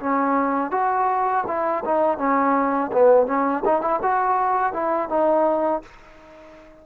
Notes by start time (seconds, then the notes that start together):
0.00 C#4
0.72 F#4
1.48 E4
1.86 D#4
2.18 C#4
2.93 B3
3.27 C#4
3.66 D#4
3.82 E4
4.02 F#4
4.74 E4
5.10 D#4